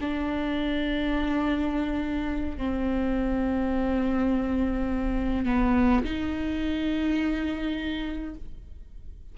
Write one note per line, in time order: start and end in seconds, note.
0.00 2.58 D4
2.58 5.45 C4
5.45 6.03 B3
6.04 8.34 D#4